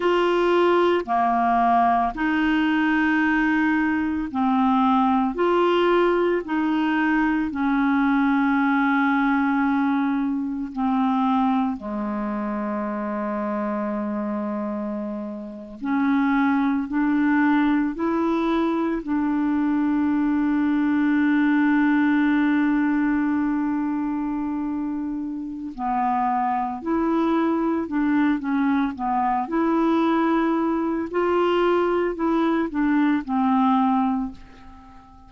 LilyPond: \new Staff \with { instrumentName = "clarinet" } { \time 4/4 \tempo 4 = 56 f'4 ais4 dis'2 | c'4 f'4 dis'4 cis'4~ | cis'2 c'4 gis4~ | gis2~ gis8. cis'4 d'16~ |
d'8. e'4 d'2~ d'16~ | d'1 | b4 e'4 d'8 cis'8 b8 e'8~ | e'4 f'4 e'8 d'8 c'4 | }